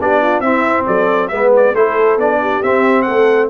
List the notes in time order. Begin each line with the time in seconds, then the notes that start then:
0.00 B3 D4 G4 D5
0.22 F4
0.40 C4 E4 E5
0.86 F#3 A4 D5
1.28 G#3 B3 B4 E5
1.56 D5
1.73 A3 E4 A4 C5
2.17 B3 D4 D5
2.41 G4
2.63 C4 E5
3.02 A3 A4 F#5